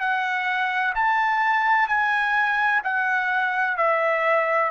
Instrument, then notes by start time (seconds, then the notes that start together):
trumpet
0.00 F#5
0.95 A5
1.88 G#5
2.83 F#5
3.77 E5